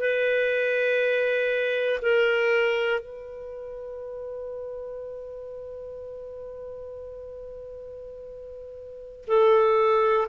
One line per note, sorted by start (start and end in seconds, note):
0.00 2.00 B4
2.02 3.00 A#4
3.00 9.25 B4
9.27 10.27 A4